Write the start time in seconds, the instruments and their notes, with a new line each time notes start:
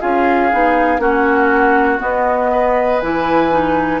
0.00 bassoon C#4, clarinet F4, oboe G#4, flute F5
0.51 bassoon B3, clarinet D#4
0.98 bassoon A#3, clarinet C#4, oboe F#4, flute F#5
1.99 clarinet B3, bassoon B3, flute D#5
2.52 oboe B4
3.00 bassoon E3, clarinet E4, flute G#5
3.51 clarinet D#4